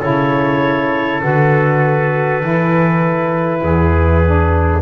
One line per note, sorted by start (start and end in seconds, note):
0.00 1.22 C#3
0.00 1.21 E4
0.00 3.60 A4
0.00 1.22 C#5
1.21 2.43 D3
1.21 2.41 F#4
1.21 4.81 B4
2.42 3.62 E3
2.42 4.22 E4
3.62 4.81 E2
3.62 4.81 G#4
4.25 4.81 D4